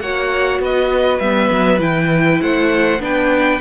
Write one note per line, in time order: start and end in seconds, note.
0.00 0.59 A#3
0.00 1.22 F#4
0.00 0.62 C#5
0.00 0.60 F#5
0.59 1.19 B3
0.59 2.41 B4
0.59 1.19 D#5
1.19 1.49 G3
1.19 1.79 B3
1.19 1.79 E5
1.51 1.79 F#3
1.79 2.40 E3
1.79 2.98 E4
1.79 2.41 G5
2.41 2.99 A3
2.41 3.01 C5
2.41 3.01 F#5
2.99 3.59 B3
2.99 3.60 D4
2.99 3.61 B4
2.99 3.61 G5